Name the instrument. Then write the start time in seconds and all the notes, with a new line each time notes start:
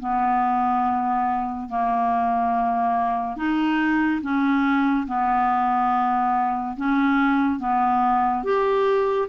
clarinet
0.00 B3
1.69 A#3
3.36 D#4
4.22 C#4
5.07 B3
6.76 C#4
7.59 B3
8.44 G4